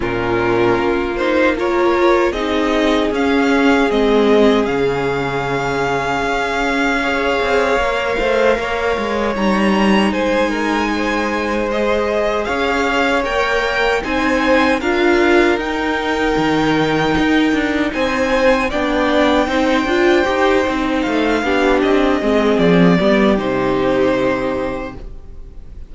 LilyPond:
<<
  \new Staff \with { instrumentName = "violin" } { \time 4/4 \tempo 4 = 77 ais'4. c''8 cis''4 dis''4 | f''4 dis''4 f''2~ | f''1 | ais''4 gis''2 dis''4 |
f''4 g''4 gis''4 f''4 | g''2. gis''4 | g''2. f''4 | dis''4 d''4 c''2 | }
  \new Staff \with { instrumentName = "violin" } { \time 4/4 f'2 ais'4 gis'4~ | gis'1~ | gis'4 cis''4. c''8 cis''4~ | cis''4 c''8 ais'8 c''2 |
cis''2 c''4 ais'4~ | ais'2. c''4 | d''4 c''2~ c''8 g'8~ | g'8 gis'4 g'2~ g'8 | }
  \new Staff \with { instrumentName = "viola" } { \time 4/4 cis'4. dis'8 f'4 dis'4 | cis'4 c'4 cis'2~ | cis'4 gis'4 ais'2 | dis'2. gis'4~ |
gis'4 ais'4 dis'4 f'4 | dis'1 | d'4 dis'8 f'8 g'8 dis'4 d'8~ | d'8 c'4 b8 dis'2 | }
  \new Staff \with { instrumentName = "cello" } { \time 4/4 ais,4 ais2 c'4 | cis'4 gis4 cis2 | cis'4. c'8 ais8 a8 ais8 gis8 | g4 gis2. |
cis'4 ais4 c'4 d'4 | dis'4 dis4 dis'8 d'8 c'4 | b4 c'8 d'8 dis'8 c'8 a8 b8 | c'8 gis8 f8 g8 c2 | }
>>